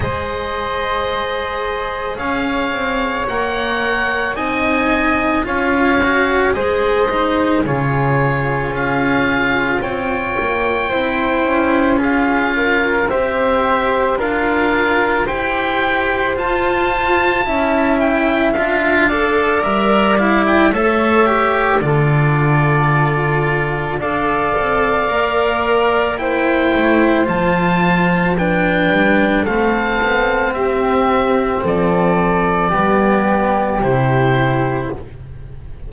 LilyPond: <<
  \new Staff \with { instrumentName = "oboe" } { \time 4/4 \tempo 4 = 55 dis''2 f''4 fis''4 | gis''4 f''4 dis''4 cis''4 | f''4 g''2 f''4 | e''4 f''4 g''4 a''4~ |
a''8 g''8 f''4 e''8 f''16 g''16 e''4 | d''2 f''2 | g''4 a''4 g''4 f''4 | e''4 d''2 c''4 | }
  \new Staff \with { instrumentName = "flute" } { \time 4/4 c''2 cis''2 | dis''4 cis''4 c''4 gis'4~ | gis'4 cis''4 c''4 gis'8 ais'8 | c''4 ais'4 c''2 |
e''4. d''4. cis''4 | a'2 d''2 | c''2 b'4 a'4 | g'4 a'4 g'2 | }
  \new Staff \with { instrumentName = "cello" } { \time 4/4 gis'2. ais'4 | dis'4 f'8 fis'8 gis'8 dis'8 f'4~ | f'2 e'4 f'4 | g'4 f'4 g'4 f'4 |
e'4 f'8 a'8 ais'8 e'8 a'8 g'8 | f'2 a'4 ais'4 | e'4 f'4 d'4 c'4~ | c'2 b4 e'4 | }
  \new Staff \with { instrumentName = "double bass" } { \time 4/4 gis2 cis'8 c'8 ais4 | c'4 cis'4 gis4 cis4 | cis'4 c'8 ais8 c'8 cis'4. | c'4 d'4 e'4 f'4 |
cis'4 d'4 g4 a4 | d2 d'8 c'8 ais4~ | ais8 a8 f4. g8 a8 b8 | c'4 f4 g4 c4 | }
>>